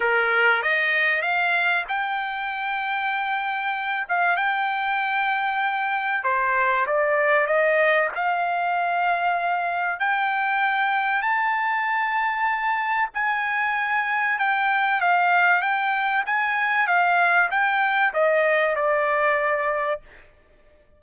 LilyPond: \new Staff \with { instrumentName = "trumpet" } { \time 4/4 \tempo 4 = 96 ais'4 dis''4 f''4 g''4~ | g''2~ g''8 f''8 g''4~ | g''2 c''4 d''4 | dis''4 f''2. |
g''2 a''2~ | a''4 gis''2 g''4 | f''4 g''4 gis''4 f''4 | g''4 dis''4 d''2 | }